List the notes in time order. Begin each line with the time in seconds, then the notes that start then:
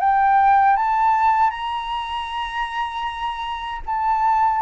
0.00 G5
0.77 A5
1.50 A#5
3.86 A5